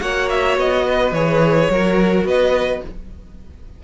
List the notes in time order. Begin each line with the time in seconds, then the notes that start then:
0.00 A#3 F#4 C#5 F#5
0.30 E5
0.57 B3 D#5
0.87 B4
1.12 E3 G#4 C#5
1.70 F#3 F#4 A#4
2.25 B3 B4 D#5